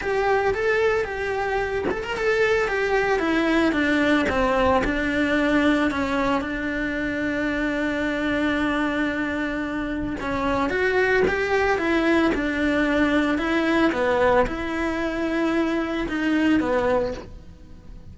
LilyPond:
\new Staff \with { instrumentName = "cello" } { \time 4/4 \tempo 4 = 112 g'4 a'4 g'4. a'16 ais'16 | a'4 g'4 e'4 d'4 | c'4 d'2 cis'4 | d'1~ |
d'2. cis'4 | fis'4 g'4 e'4 d'4~ | d'4 e'4 b4 e'4~ | e'2 dis'4 b4 | }